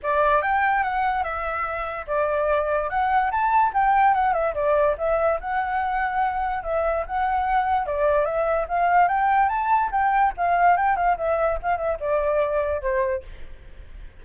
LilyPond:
\new Staff \with { instrumentName = "flute" } { \time 4/4 \tempo 4 = 145 d''4 g''4 fis''4 e''4~ | e''4 d''2 fis''4 | a''4 g''4 fis''8 e''8 d''4 | e''4 fis''2. |
e''4 fis''2 d''4 | e''4 f''4 g''4 a''4 | g''4 f''4 g''8 f''8 e''4 | f''8 e''8 d''2 c''4 | }